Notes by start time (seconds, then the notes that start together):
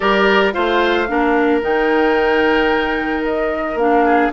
0.00 G3 G4 A#4 D5
0.52 A3 F4 C5 F5
1.07 A#3 D4 A#4
1.61 D#3 D#4 G5
3.23 D#5
3.75 A#3 D4 F5
4.05 G#4